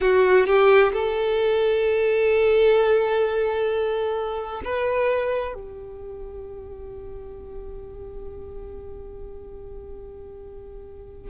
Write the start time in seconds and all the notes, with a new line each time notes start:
0.00 F#4
0.46 G4
0.92 A4
4.64 B4
5.54 G4